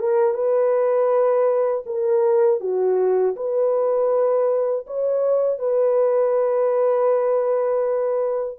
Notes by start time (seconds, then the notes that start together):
0.00 A#4
0.34 B4
1.86 A#4
2.61 F#4
3.36 B4
4.87 C#5
5.59 B4